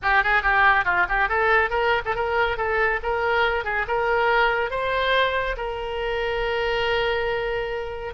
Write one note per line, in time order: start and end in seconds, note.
0.02 0.23 G4
0.23 0.42 G#4
0.42 0.85 G4
0.85 1.06 F4
1.08 1.28 G4
1.28 1.69 A4
1.69 2.02 A#4
2.05 2.15 A4
2.15 2.57 A#4
2.57 2.99 A4
3.02 3.64 A#4
3.64 3.86 G#4
3.87 4.70 A#4
4.70 5.56 C5
5.56 8.13 A#4